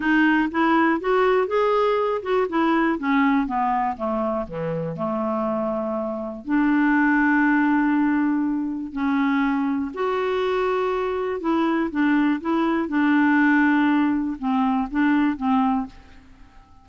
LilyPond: \new Staff \with { instrumentName = "clarinet" } { \time 4/4 \tempo 4 = 121 dis'4 e'4 fis'4 gis'4~ | gis'8 fis'8 e'4 cis'4 b4 | a4 e4 a2~ | a4 d'2.~ |
d'2 cis'2 | fis'2. e'4 | d'4 e'4 d'2~ | d'4 c'4 d'4 c'4 | }